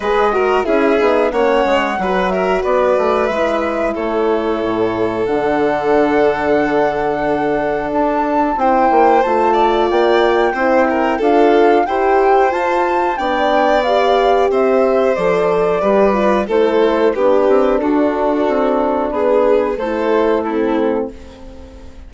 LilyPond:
<<
  \new Staff \with { instrumentName = "flute" } { \time 4/4 \tempo 4 = 91 dis''4 e''4 fis''4. e''8 | d''4 e''4 cis''2 | fis''1 | a''4 g''4 a''4 g''4~ |
g''4 f''4 g''4 a''4 | g''4 f''4 e''4 d''4~ | d''4 c''4 b'4 a'4~ | a'4 b'4 c''4 a'4 | }
  \new Staff \with { instrumentName = "violin" } { \time 4/4 b'8 ais'8 gis'4 cis''4 b'8 ais'8 | b'2 a'2~ | a'1~ | a'4 c''4. d''4. |
c''8 ais'8 a'4 c''2 | d''2 c''2 | b'4 a'4 g'4 fis'4~ | fis'4 gis'4 a'4 e'4 | }
  \new Staff \with { instrumentName = "horn" } { \time 4/4 gis'8 fis'8 e'8 dis'8 cis'4 fis'4~ | fis'4 e'2. | d'1~ | d'4 e'4 f'2 |
e'4 f'4 g'4 f'4 | d'4 g'2 a'4 | g'8 f'8 e'4 d'2~ | d'2 e'4 c'4 | }
  \new Staff \with { instrumentName = "bassoon" } { \time 4/4 gis4 cis'8 b8 ais8 gis8 fis4 | b8 a8 gis4 a4 a,4 | d1 | d'4 c'8 ais8 a4 ais4 |
c'4 d'4 e'4 f'4 | b2 c'4 f4 | g4 a4 b8 c'8 d'4 | c'4 b4 a2 | }
>>